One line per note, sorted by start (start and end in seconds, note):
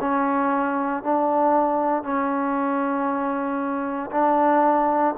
0.00 1.03 C#4
1.03 2.03 D4
2.03 4.10 C#4
4.11 5.14 D4